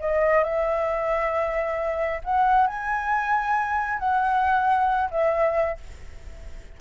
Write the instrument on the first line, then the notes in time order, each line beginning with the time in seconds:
flute
0.00 D#5
0.44 E5
2.24 F#5
2.67 G#5
3.99 F#5
5.11 E5